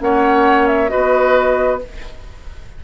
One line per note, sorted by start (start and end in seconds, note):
0.00 0.91 A#3
0.00 0.89 C#4
0.00 0.91 C#5
0.00 0.67 F#5
0.67 0.89 E5
0.89 1.84 B3
0.89 1.78 F#4
0.89 1.81 B4
0.89 1.79 D#5